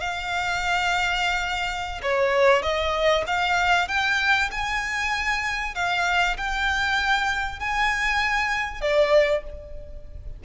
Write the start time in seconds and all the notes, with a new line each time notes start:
0.00 F5
2.02 C#5
2.62 D#5
3.26 F5
3.88 G5
4.51 G#5
5.75 F5
6.37 G5
7.60 G#5
8.81 D5